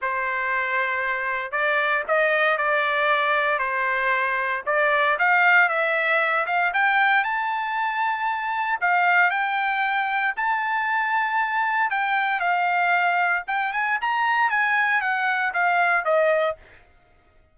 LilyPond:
\new Staff \with { instrumentName = "trumpet" } { \time 4/4 \tempo 4 = 116 c''2. d''4 | dis''4 d''2 c''4~ | c''4 d''4 f''4 e''4~ | e''8 f''8 g''4 a''2~ |
a''4 f''4 g''2 | a''2. g''4 | f''2 g''8 gis''8 ais''4 | gis''4 fis''4 f''4 dis''4 | }